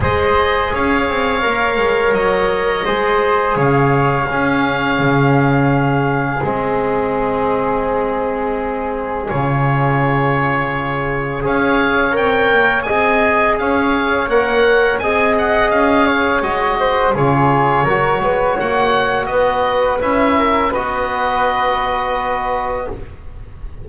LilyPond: <<
  \new Staff \with { instrumentName = "oboe" } { \time 4/4 \tempo 4 = 84 dis''4 f''2 dis''4~ | dis''4 f''2.~ | f''4 dis''2.~ | dis''4 cis''2. |
f''4 g''4 gis''4 f''4 | fis''4 gis''8 fis''8 f''4 dis''4 | cis''2 fis''4 dis''4 | e''4 dis''2. | }
  \new Staff \with { instrumentName = "flute" } { \time 4/4 c''4 cis''2. | c''4 cis''4 gis'2~ | gis'1~ | gis'1 |
cis''2 dis''4 cis''4~ | cis''4 dis''4. cis''4 c''8 | gis'4 ais'8 b'8 cis''4 b'4~ | b'8 ais'8 b'2. | }
  \new Staff \with { instrumentName = "trombone" } { \time 4/4 gis'2 ais'2 | gis'2 cis'2~ | cis'4 c'2.~ | c'4 f'2. |
gis'4 ais'4 gis'2 | ais'4 gis'2 fis'4 | f'4 fis'2. | e'4 fis'2. | }
  \new Staff \with { instrumentName = "double bass" } { \time 4/4 gis4 cis'8 c'8 ais8 gis8 fis4 | gis4 cis4 cis'4 cis4~ | cis4 gis2.~ | gis4 cis2. |
cis'4 c'8 ais8 c'4 cis'4 | ais4 c'4 cis'4 gis4 | cis4 fis8 gis8 ais4 b4 | cis'4 b2. | }
>>